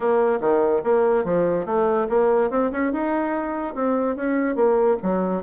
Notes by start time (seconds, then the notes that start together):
0.00 A#3
0.40 D#3
0.83 A#3
1.24 F3
1.65 A3
2.09 A#3
2.50 C4
2.71 C#4
2.92 D#4
3.74 C4
4.16 C#4
4.55 A#3
5.02 F#3